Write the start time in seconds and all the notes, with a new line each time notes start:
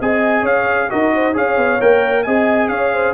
0.00 C4 G#4 D#5 G#5
0.43 C#4 C#5 F5
0.90 D#4 F#4 A#4 D#5
1.15 C5
1.34 C#4 G#4 C#5 F5
1.57 B3
1.81 A#3 A#4 G5
2.24 C4 G#4 D#5 G#5
2.69 C#4 C#5 F5
2.93 C5